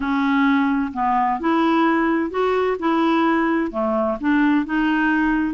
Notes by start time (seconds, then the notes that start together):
0.00 C#4
0.93 B3
1.40 E4
2.30 F#4
2.79 E4
3.71 A3
4.20 D4
4.65 D#4